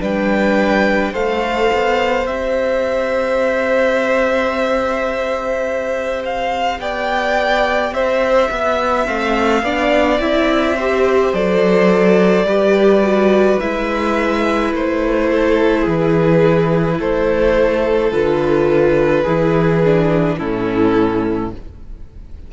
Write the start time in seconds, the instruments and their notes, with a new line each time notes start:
0.00 cello G3, viola D4, violin B4 G5
1.13 cello A3, viola A4, violin C5 F5
1.73 cello B3
2.27 cello C4, viola G4, violin E5
6.25 violin F5
6.79 cello B3, violin D5 G5
7.92 cello C4, violin C5 E5
8.51 cello B3, violin E5
9.05 cello A3, viola C4, violin F5
9.63 cello B3, viola D4, violin D5
10.20 cello C4, viola E4, violin E5
10.76 viola G4, violin C5
11.33 cello F#3, viola A4, violin D5
12.44 cello G3, viola G4, violin B4
13.04 viola F#4
13.60 cello G#3, viola E4, violin E5
14.73 cello A3, violin C5
15.30 violin A4
15.81 cello E3, violin G#4
15.89 violin B4
17.00 cello A3, violin A4 C5
18.12 cello D3, viola F4, violin B4
19.23 cello E3, viola E4, violin G#4
19.85 viola D4
20.38 cello A2, viola C#4, violin E4 A4